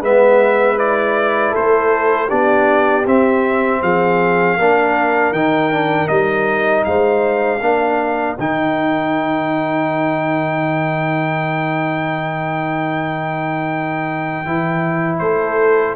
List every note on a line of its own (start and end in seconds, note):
0.00 1.53 G#3
0.00 0.78 B3
0.00 1.51 B4
0.00 0.79 E5
0.78 2.29 E4
0.78 1.55 D5
1.51 2.31 A3
1.51 2.27 A4
1.51 2.30 C5
2.29 3.07 B3
2.29 3.05 D4
2.29 3.81 G4
2.29 3.06 D5
3.07 3.83 C4
3.07 4.59 C4
3.07 3.83 E5
3.83 4.59 F3
3.83 4.59 G#4
3.83 5.34 F5
4.59 5.31 A#3
4.59 5.35 D4
4.59 6.87 A#4
5.31 6.07 D#3
5.31 5.72 D#4
5.31 6.08 G5
5.72 6.07 D4
6.07 6.86 G3
6.07 7.59 D#4
6.07 6.84 D#5
6.85 7.61 G#3
6.85 7.61 C5
6.85 8.37 F5
7.61 8.37 A#3
7.61 8.38 D4
7.61 15.21 A#4
8.39 14.46 D#3
8.39 14.46 D#4
8.39 15.19 G5
14.46 15.20 E3
14.46 15.97 E4
15.19 15.96 A3
15.19 15.97 A4
15.19 15.95 C5